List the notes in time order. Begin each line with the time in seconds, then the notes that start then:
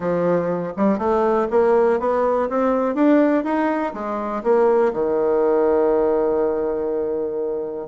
0.00 F3
0.76 G3
0.98 A3
1.50 A#3
1.99 B3
2.49 C4
2.94 D4
3.44 D#4
3.93 G#3
4.43 A#3
4.93 D#3